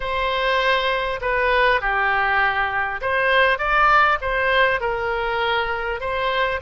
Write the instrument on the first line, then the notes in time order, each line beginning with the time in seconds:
oboe
0.00 C5
1.21 B4
1.80 G4
3.01 C5
3.58 D5
4.21 C5
4.80 A#4
6.00 C5